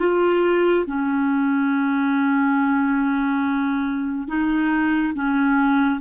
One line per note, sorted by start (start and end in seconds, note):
0.00 0.86 F4
0.86 4.28 C#4
4.28 5.14 D#4
5.15 6.00 C#4